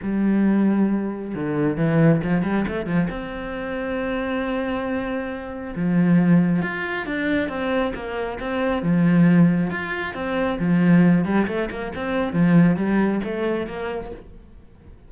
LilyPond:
\new Staff \with { instrumentName = "cello" } { \time 4/4 \tempo 4 = 136 g2. d4 | e4 f8 g8 a8 f8 c'4~ | c'1~ | c'4 f2 f'4 |
d'4 c'4 ais4 c'4 | f2 f'4 c'4 | f4. g8 a8 ais8 c'4 | f4 g4 a4 ais4 | }